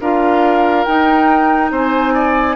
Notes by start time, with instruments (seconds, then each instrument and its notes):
0.00 bassoon D4, clarinet F4, oboe A#4, flute F5
0.84 clarinet D#4, bassoon D#4, flute G5
1.70 bassoon C4, oboe C5, flute G#5
2.13 oboe D5